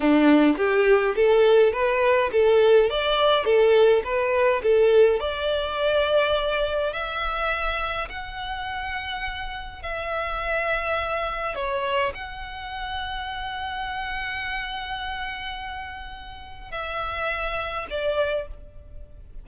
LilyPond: \new Staff \with { instrumentName = "violin" } { \time 4/4 \tempo 4 = 104 d'4 g'4 a'4 b'4 | a'4 d''4 a'4 b'4 | a'4 d''2. | e''2 fis''2~ |
fis''4 e''2. | cis''4 fis''2.~ | fis''1~ | fis''4 e''2 d''4 | }